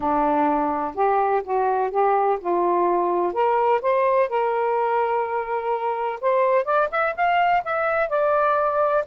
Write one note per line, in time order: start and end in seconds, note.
0.00 0.95 D4
0.95 1.42 G4
1.43 1.90 F#4
1.90 2.38 G4
2.40 3.33 F4
3.33 3.81 A#4
3.81 4.29 C5
4.29 6.19 A#4
6.20 6.65 C5
6.65 6.88 D5
6.91 7.15 E5
7.15 7.63 F5
7.64 8.09 E5
8.09 9.04 D5